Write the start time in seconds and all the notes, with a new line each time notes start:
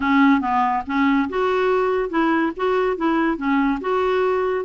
0.00 C#4
0.41 B3
0.86 C#4
1.29 F#4
2.09 E4
2.56 F#4
2.96 E4
3.37 C#4
3.80 F#4